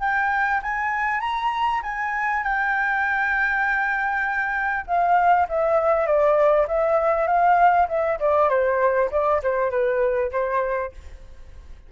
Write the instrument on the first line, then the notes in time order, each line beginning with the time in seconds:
flute
0.00 G5
0.62 G#5
1.20 A#5
1.83 G#5
2.43 G5
4.87 F5
5.48 E5
6.06 D5
6.67 E5
7.27 F5
7.88 E5
8.20 D5
8.49 C5
9.11 D5
9.43 C5
9.71 B4
10.31 C5